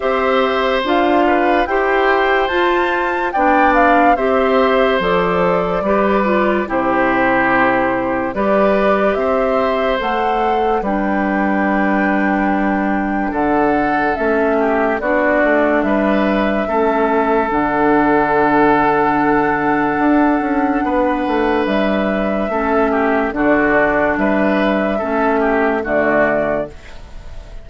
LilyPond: <<
  \new Staff \with { instrumentName = "flute" } { \time 4/4 \tempo 4 = 72 e''4 f''4 g''4 a''4 | g''8 f''8 e''4 d''2 | c''2 d''4 e''4 | fis''4 g''2. |
fis''4 e''4 d''4 e''4~ | e''4 fis''2.~ | fis''2 e''2 | d''4 e''2 d''4 | }
  \new Staff \with { instrumentName = "oboe" } { \time 4/4 c''4. b'8 c''2 | d''4 c''2 b'4 | g'2 b'4 c''4~ | c''4 b'2. |
a'4. g'8 fis'4 b'4 | a'1~ | a'4 b'2 a'8 g'8 | fis'4 b'4 a'8 g'8 fis'4 | }
  \new Staff \with { instrumentName = "clarinet" } { \time 4/4 g'4 f'4 g'4 f'4 | d'4 g'4 a'4 g'8 f'8 | e'2 g'2 | a'4 d'2.~ |
d'4 cis'4 d'2 | cis'4 d'2.~ | d'2. cis'4 | d'2 cis'4 a4 | }
  \new Staff \with { instrumentName = "bassoon" } { \time 4/4 c'4 d'4 e'4 f'4 | b4 c'4 f4 g4 | c2 g4 c'4 | a4 g2. |
d4 a4 b8 a8 g4 | a4 d2. | d'8 cis'8 b8 a8 g4 a4 | d4 g4 a4 d4 | }
>>